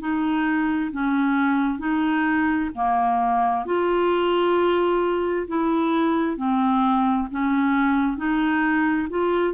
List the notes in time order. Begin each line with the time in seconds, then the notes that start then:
0.00 D#4
0.92 C#4
1.79 D#4
2.75 A#3
3.66 F4
5.48 E4
6.37 C4
7.31 C#4
8.17 D#4
9.10 F4